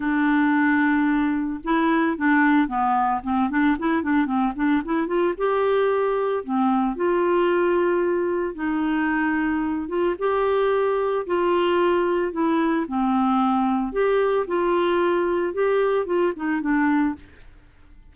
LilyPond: \new Staff \with { instrumentName = "clarinet" } { \time 4/4 \tempo 4 = 112 d'2. e'4 | d'4 b4 c'8 d'8 e'8 d'8 | c'8 d'8 e'8 f'8 g'2 | c'4 f'2. |
dis'2~ dis'8 f'8 g'4~ | g'4 f'2 e'4 | c'2 g'4 f'4~ | f'4 g'4 f'8 dis'8 d'4 | }